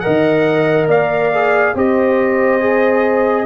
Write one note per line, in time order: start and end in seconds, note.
0.00 1.32 A#4
0.00 0.89 D#5
0.00 0.86 F#5
0.07 0.88 D#3
0.88 1.74 A#3
0.88 1.74 D5
0.88 1.76 F5
1.34 1.75 G#4
1.75 3.46 C4
1.75 2.61 G4
1.75 3.46 C5
1.75 3.46 D#5
2.61 3.46 G#4